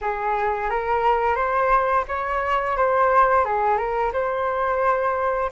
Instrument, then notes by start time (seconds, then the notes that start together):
flute
0.01 G#4
0.70 A#4
1.35 C5
2.08 C#5
2.76 C5
3.44 G#4
3.77 A#4
4.13 C5